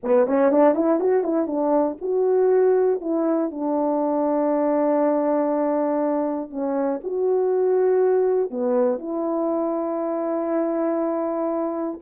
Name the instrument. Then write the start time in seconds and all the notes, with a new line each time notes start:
horn
0.03 B3
0.26 C#4
0.51 D4
0.75 E4
1.00 F#4
1.23 E4
1.46 D4
2.01 F#4
3.00 E4
3.50 D4
6.50 C#4
7.03 F#4
8.50 B3
8.98 E4